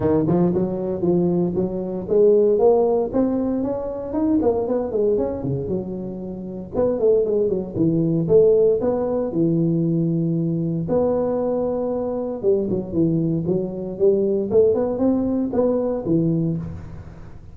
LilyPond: \new Staff \with { instrumentName = "tuba" } { \time 4/4 \tempo 4 = 116 dis8 f8 fis4 f4 fis4 | gis4 ais4 c'4 cis'4 | dis'8 ais8 b8 gis8 cis'8 cis8 fis4~ | fis4 b8 a8 gis8 fis8 e4 |
a4 b4 e2~ | e4 b2. | g8 fis8 e4 fis4 g4 | a8 b8 c'4 b4 e4 | }